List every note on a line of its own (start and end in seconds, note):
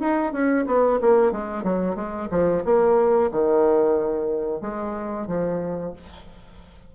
0.00 0.33 D#4
0.33 0.66 C#4
0.67 1.00 B3
1.01 1.32 A#3
1.32 1.64 G#3
1.64 1.96 F#3
1.96 2.29 G#3
2.31 2.64 F3
2.65 3.31 A#3
3.31 4.61 D#3
4.61 5.27 G#3
5.27 5.93 F3